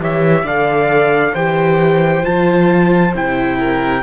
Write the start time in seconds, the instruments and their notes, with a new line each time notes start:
0.00 cello E3, viola G4, violin C#5, trumpet E5
0.43 cello D3, viola A4, violin D5, trumpet F5
1.33 cello E3, viola G4, violin C5, trumpet G5
2.23 cello F3, viola F4, trumpet A5
3.14 cello C3, viola E4, trumpet G5
3.58 violin A#4